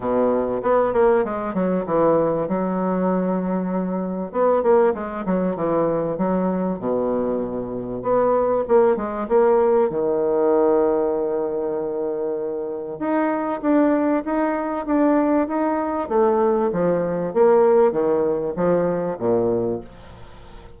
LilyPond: \new Staff \with { instrumentName = "bassoon" } { \time 4/4 \tempo 4 = 97 b,4 b8 ais8 gis8 fis8 e4 | fis2. b8 ais8 | gis8 fis8 e4 fis4 b,4~ | b,4 b4 ais8 gis8 ais4 |
dis1~ | dis4 dis'4 d'4 dis'4 | d'4 dis'4 a4 f4 | ais4 dis4 f4 ais,4 | }